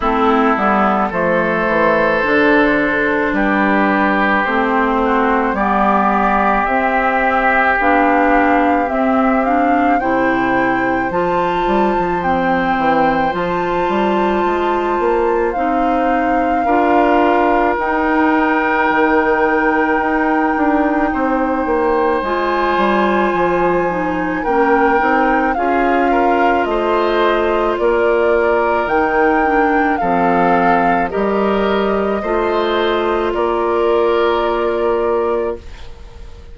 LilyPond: <<
  \new Staff \with { instrumentName = "flute" } { \time 4/4 \tempo 4 = 54 a'4 c''2 b'4 | c''4 d''4 e''4 f''4 | e''8 f''8 g''4 a''4 g''4 | a''2 f''2 |
g''1 | gis''2 g''4 f''4 | dis''4 d''4 g''4 f''4 | dis''2 d''2 | }
  \new Staff \with { instrumentName = "oboe" } { \time 4/4 e'4 a'2 g'4~ | g'8 fis'8 g'2.~ | g'4 c''2.~ | c''2. ais'4~ |
ais'2. c''4~ | c''2 ais'4 gis'8 ais'8 | c''4 ais'2 a'4 | ais'4 c''4 ais'2 | }
  \new Staff \with { instrumentName = "clarinet" } { \time 4/4 c'8 b8 a4 d'2 | c'4 b4 c'4 d'4 | c'8 d'8 e'4 f'4 c'4 | f'2 dis'4 f'4 |
dis'1 | f'4. dis'8 cis'8 dis'8 f'4~ | f'2 dis'8 d'8 c'4 | g'4 f'2. | }
  \new Staff \with { instrumentName = "bassoon" } { \time 4/4 a8 g8 f8 e8 d4 g4 | a4 g4 c'4 b4 | c'4 c4 f8 g16 f8. e8 | f8 g8 gis8 ais8 c'4 d'4 |
dis'4 dis4 dis'8 d'8 c'8 ais8 | gis8 g8 f4 ais8 c'8 cis'4 | a4 ais4 dis4 f4 | g4 a4 ais2 | }
>>